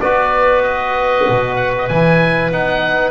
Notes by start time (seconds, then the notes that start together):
0.00 B3 F#4 B4 D5
0.62 D#5
1.29 B2
1.55 F#5
1.78 D#5
1.88 E3 E4 G#5
2.51 B3 D#4 F#5